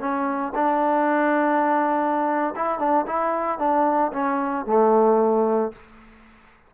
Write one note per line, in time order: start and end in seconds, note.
0.00 0.53 C#4
0.55 2.54 D4
2.56 2.79 E4
2.79 3.06 D4
3.07 3.59 E4
3.59 4.12 D4
4.13 4.66 C#4
4.66 5.72 A3